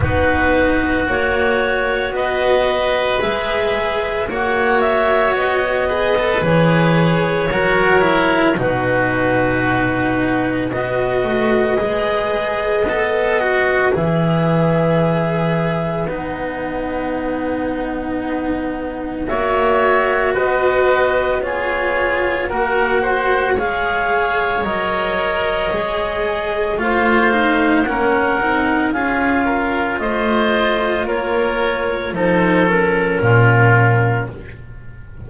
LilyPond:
<<
  \new Staff \with { instrumentName = "clarinet" } { \time 4/4 \tempo 4 = 56 b'4 cis''4 dis''4 e''4 | fis''8 e''8 dis''4 cis''2 | b'2 dis''2~ | dis''4 e''2 fis''4~ |
fis''2 e''4 dis''4 | cis''4 fis''4 f''4 dis''4~ | dis''4 f''4 fis''4 f''4 | dis''4 cis''4 c''8 ais'4. | }
  \new Staff \with { instrumentName = "oboe" } { \time 4/4 fis'2 b'2 | cis''4. b'4. ais'4 | fis'2 b'2~ | b'1~ |
b'2 cis''4 b'4 | gis'4 ais'8 c''8 cis''2~ | cis''4 c''4 ais'4 gis'8 ais'8 | c''4 ais'4 a'4 f'4 | }
  \new Staff \with { instrumentName = "cello" } { \time 4/4 dis'4 fis'2 gis'4 | fis'4. gis'16 a'16 gis'4 fis'8 e'8 | dis'2 fis'4 gis'4 | a'8 fis'8 gis'2 dis'4~ |
dis'2 fis'2 | f'4 fis'4 gis'4 ais'4 | gis'4 f'8 dis'8 cis'8 dis'8 f'4~ | f'2 dis'8 cis'4. | }
  \new Staff \with { instrumentName = "double bass" } { \time 4/4 b4 ais4 b4 gis4 | ais4 b4 e4 fis4 | b,2 b8 a8 gis4 | b4 e2 b4~ |
b2 ais4 b4~ | b4 ais4 gis4 fis4 | gis4 a4 ais8 c'8 cis'4 | a4 ais4 f4 ais,4 | }
>>